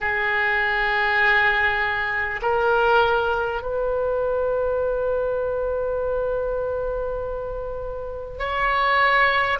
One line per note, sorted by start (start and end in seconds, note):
0.01 2.41 G#4
2.42 3.62 A#4
3.62 8.38 B4
8.38 9.58 C#5